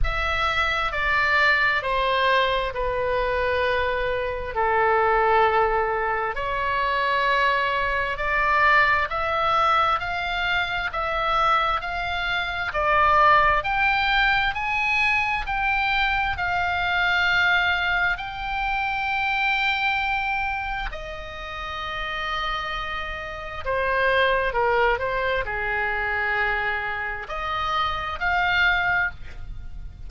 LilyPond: \new Staff \with { instrumentName = "oboe" } { \time 4/4 \tempo 4 = 66 e''4 d''4 c''4 b'4~ | b'4 a'2 cis''4~ | cis''4 d''4 e''4 f''4 | e''4 f''4 d''4 g''4 |
gis''4 g''4 f''2 | g''2. dis''4~ | dis''2 c''4 ais'8 c''8 | gis'2 dis''4 f''4 | }